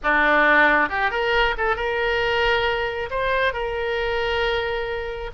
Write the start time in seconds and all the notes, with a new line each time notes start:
0.03 D4
0.89 G4
1.11 A#4
1.57 A4
1.76 A#4
3.10 C5
3.53 A#4